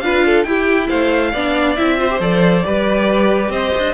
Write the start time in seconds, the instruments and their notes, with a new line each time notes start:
0.00 cello D4, viola F4, violin B4 F5
0.25 violin A4
0.43 cello E4, viola E4, violin G4 G5
0.89 cello A3, violin C5 F5
1.31 cello B3, viola D4, violin D5
1.76 cello C4, viola E4, violin E5
1.98 viola F4, violin C5
2.10 viola G4
2.20 cello F3, viola A4, violin D5
2.63 cello G3, viola G4, violin B4
3.49 cello C4, violin C5 D#5
3.78 cello D4